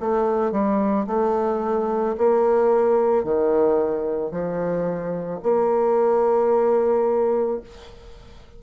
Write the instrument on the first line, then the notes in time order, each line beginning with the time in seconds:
bassoon
0.00 A3
0.52 G3
1.07 A3
2.17 A#3
3.24 D#3
4.31 F3
5.42 A#3